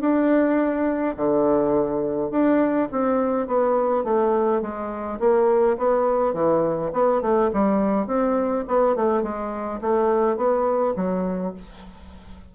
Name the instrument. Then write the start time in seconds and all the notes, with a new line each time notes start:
bassoon
0.00 D4
1.16 D3
2.30 D4
2.91 C4
3.47 B3
4.03 A3
4.61 G#3
5.19 A#3
5.77 B3
6.33 E3
6.92 B3
7.21 A3
7.53 G3
8.06 C4
8.67 B3
8.95 A3
9.22 G#3
9.81 A3
10.36 B3
10.96 F#3